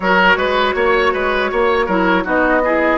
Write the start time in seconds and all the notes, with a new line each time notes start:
0.00 F#3 F#4 A#4 C#5
0.36 G#3 B4
0.74 A#3 C#5
1.13 G#3 B4
1.51 A#3 C#5
1.86 F#3 E4 A#4
2.23 B3 D#4 F#4 D#5
2.64 E4 G#4